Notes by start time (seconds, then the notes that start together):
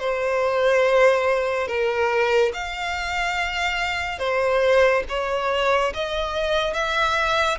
0.00 C5
1.68 A#4
2.54 F5
4.19 C5
5.09 C#5
5.94 D#5
6.74 E5